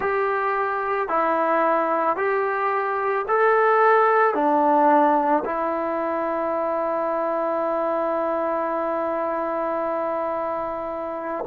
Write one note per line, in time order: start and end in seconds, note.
0.00 1.08 G4
1.08 2.16 E4
2.16 3.25 G4
3.27 4.34 A4
4.34 5.43 D4
5.44 11.44 E4